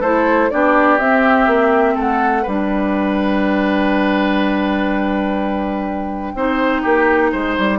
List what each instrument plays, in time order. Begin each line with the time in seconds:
0.00 bassoon A3, clarinet E4, oboe A4, flute C5
0.51 bassoon B3, clarinet D4, oboe G4, flute D5
0.98 clarinet C4, bassoon C4, flute E5
1.47 bassoon A#3
1.95 bassoon A3, oboe A4, flute F#5
2.42 bassoon G3, clarinet D4, oboe B4, flute G5
6.35 bassoon C4, clarinet D#4, oboe C5
6.82 bassoon A#3, oboe G4
7.32 bassoon G#3, oboe C5
7.58 bassoon G3